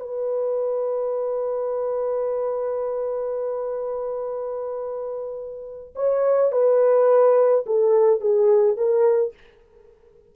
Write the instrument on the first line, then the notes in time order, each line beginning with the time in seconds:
horn
0.00 B4
5.96 C#5
6.52 B4
7.66 A4
8.21 G#4
8.77 A#4